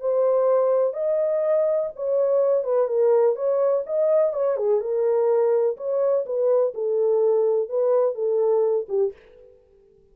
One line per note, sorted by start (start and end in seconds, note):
0.00 0.93 C5
0.93 1.89 D#5
1.96 2.64 C#5
2.64 2.88 B4
2.88 3.36 A#4
3.36 3.84 C#5
3.86 4.33 D#5
4.33 4.56 C#5
4.56 4.80 G#4
4.81 5.77 A#4
5.77 6.25 C#5
6.26 6.74 B4
6.74 7.69 A4
7.69 8.15 B4
8.15 8.87 A4
8.89 9.13 G4